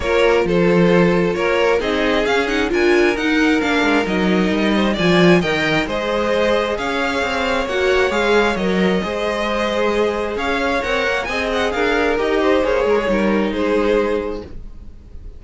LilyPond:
<<
  \new Staff \with { instrumentName = "violin" } { \time 4/4 \tempo 4 = 133 cis''4 c''2 cis''4 | dis''4 f''8 fis''8 gis''4 fis''4 | f''4 dis''2 gis''4 | g''4 dis''2 f''4~ |
f''4 fis''4 f''4 dis''4~ | dis''2. f''4 | fis''4 gis''8 fis''8 f''4 dis''4 | cis''2 c''2 | }
  \new Staff \with { instrumentName = "violin" } { \time 4/4 ais'4 a'2 ais'4 | gis'2 ais'2~ | ais'2~ ais'8 c''8 d''4 | dis''4 c''2 cis''4~ |
cis''1 | c''2. cis''4~ | cis''4 dis''4 ais'4. c''8~ | c''8 ais'16 gis'16 ais'4 gis'2 | }
  \new Staff \with { instrumentName = "viola" } { \time 4/4 f'1 | dis'4 cis'8 dis'8 f'4 dis'4 | d'4 dis'2 f'4 | ais'4 gis'2.~ |
gis'4 fis'4 gis'4 ais'4 | gis'1 | ais'4 gis'2 g'4 | gis'4 dis'2. | }
  \new Staff \with { instrumentName = "cello" } { \time 4/4 ais4 f2 ais4 | c'4 cis'4 d'4 dis'4 | ais8 gis8 fis4 g4 f4 | dis4 gis2 cis'4 |
c'4 ais4 gis4 fis4 | gis2. cis'4 | c'8 ais8 c'4 d'4 dis'4 | ais8 gis8 g4 gis2 | }
>>